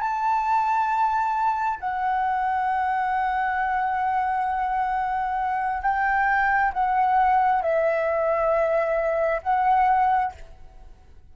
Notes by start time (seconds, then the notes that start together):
0.00 A5
1.80 F#5
5.82 G5
6.73 F#5
7.62 E5
9.42 F#5